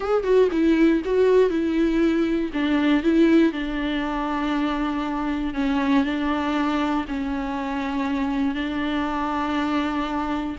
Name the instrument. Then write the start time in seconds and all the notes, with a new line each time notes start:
viola
0.00 G#4
0.23 F#4
0.51 E4
1.05 F#4
1.50 E4
2.53 D4
3.03 E4
3.52 D4
5.54 C#4
6.04 D4
7.07 C#4
8.54 D4